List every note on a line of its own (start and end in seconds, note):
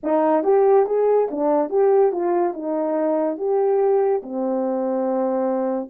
0.03 0.43 D#4
0.43 0.86 G4
0.86 1.28 G#4
1.31 1.69 D4
1.69 2.11 G4
2.11 2.53 F4
2.53 3.37 D#4
3.37 4.21 G4
4.23 5.89 C4